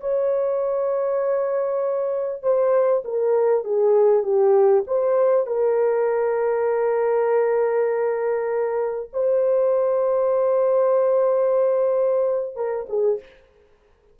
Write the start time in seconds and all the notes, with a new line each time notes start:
0.00 C#5
2.42 C5
3.04 A#4
3.64 G#4
4.23 G4
4.87 C5
5.46 A#4
9.13 C5
12.56 A#4
12.89 G#4